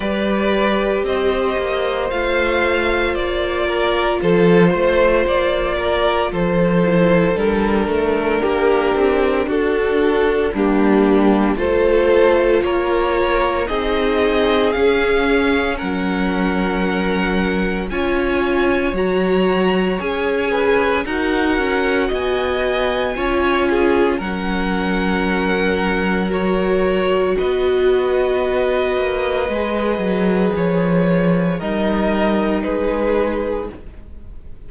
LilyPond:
<<
  \new Staff \with { instrumentName = "violin" } { \time 4/4 \tempo 4 = 57 d''4 dis''4 f''4 d''4 | c''4 d''4 c''4 ais'4~ | ais'4 a'4 g'4 c''4 | cis''4 dis''4 f''4 fis''4~ |
fis''4 gis''4 ais''4 gis''4 | fis''4 gis''2 fis''4~ | fis''4 cis''4 dis''2~ | dis''4 cis''4 dis''4 b'4 | }
  \new Staff \with { instrumentName = "violin" } { \time 4/4 b'4 c''2~ c''8 ais'8 | a'8 c''4 ais'8 a'2 | g'4 fis'4 d'4 a'4 | ais'4 gis'2 ais'4~ |
ais'4 cis''2~ cis''8 b'8 | ais'4 dis''4 cis''8 gis'8 ais'4~ | ais'2 b'2~ | b'2 ais'4 gis'4 | }
  \new Staff \with { instrumentName = "viola" } { \time 4/4 g'2 f'2~ | f'2~ f'8 e'8 d'4~ | d'2 ais4 f'4~ | f'4 dis'4 cis'2~ |
cis'4 f'4 fis'4 gis'4 | fis'2 f'4 cis'4~ | cis'4 fis'2. | gis'2 dis'2 | }
  \new Staff \with { instrumentName = "cello" } { \time 4/4 g4 c'8 ais8 a4 ais4 | f8 a8 ais4 f4 g8 a8 | ais8 c'8 d'4 g4 a4 | ais4 c'4 cis'4 fis4~ |
fis4 cis'4 fis4 cis'4 | dis'8 cis'8 b4 cis'4 fis4~ | fis2 b4. ais8 | gis8 fis8 f4 g4 gis4 | }
>>